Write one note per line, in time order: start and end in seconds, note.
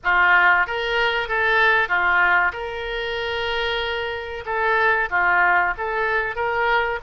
0.03 0.66 F4
0.66 1.28 A#4
1.28 1.88 A4
1.88 2.52 F4
2.52 4.44 A#4
4.45 5.09 A4
5.09 5.73 F4
5.77 6.35 A4
6.35 6.99 A#4